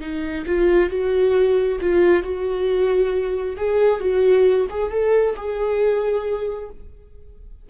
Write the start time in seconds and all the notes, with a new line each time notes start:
0.00 D#4
0.46 F4
0.90 F#4
1.81 F4
2.23 F#4
3.57 G#4
4.00 F#4
4.70 G#4
4.91 A4
5.36 G#4